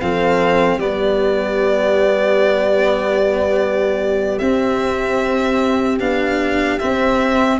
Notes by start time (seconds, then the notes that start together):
0.00 F3 C4 A4 F5
0.77 G3 B3 G4 D5
4.39 C4 E5
6.00 B3 D4 F5
6.79 C4 E5